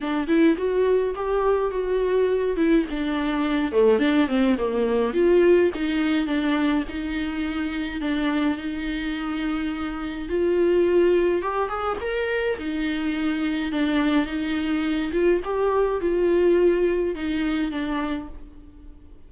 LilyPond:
\new Staff \with { instrumentName = "viola" } { \time 4/4 \tempo 4 = 105 d'8 e'8 fis'4 g'4 fis'4~ | fis'8 e'8 d'4. a8 d'8 c'8 | ais4 f'4 dis'4 d'4 | dis'2 d'4 dis'4~ |
dis'2 f'2 | g'8 gis'8 ais'4 dis'2 | d'4 dis'4. f'8 g'4 | f'2 dis'4 d'4 | }